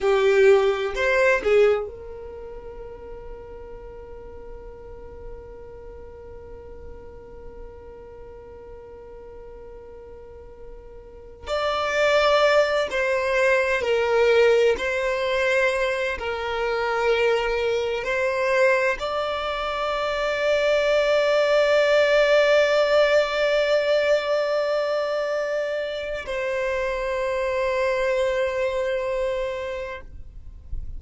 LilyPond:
\new Staff \with { instrumentName = "violin" } { \time 4/4 \tempo 4 = 64 g'4 c''8 gis'8 ais'2~ | ais'1~ | ais'1~ | ais'16 d''4. c''4 ais'4 c''16~ |
c''4~ c''16 ais'2 c''8.~ | c''16 d''2.~ d''8.~ | d''1 | c''1 | }